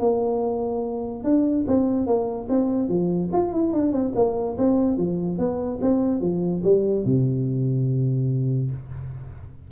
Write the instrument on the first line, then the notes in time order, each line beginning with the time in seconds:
tuba
0.00 A#3
1.24 D4
1.68 C4
2.07 A#3
2.49 C4
2.89 F3
3.33 F4
3.53 E4
3.73 D4
3.93 C4
4.16 A#3
4.58 C4
4.98 F3
5.38 B3
5.82 C4
6.21 F3
6.64 G3
7.06 C3